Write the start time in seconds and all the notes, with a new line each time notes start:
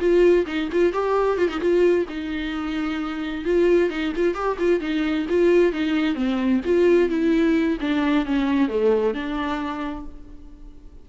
0.00 F4
0.47 D#4
0.72 F4
0.93 G4
1.38 F4
1.49 D#4
1.61 F4
2.09 D#4
3.45 F4
3.90 D#4
4.16 F4
4.35 G4
4.59 F4
4.81 D#4
5.29 F4
5.73 D#4
6.15 C4
6.65 F4
7.10 E4
7.80 D4
8.26 C#4
8.69 A3
9.14 D4